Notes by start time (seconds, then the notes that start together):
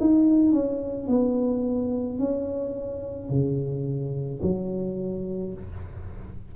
0.00 D#4
0.53 C#4
1.08 B3
2.19 C#4
3.30 C#3
4.42 F#3